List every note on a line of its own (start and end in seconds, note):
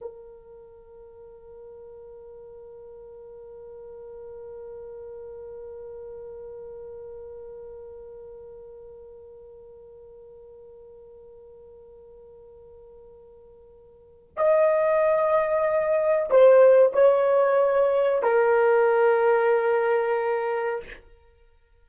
0.01 14.36 A#4
14.36 16.30 D#5
16.30 16.93 C5
16.93 18.23 C#5
18.23 20.83 A#4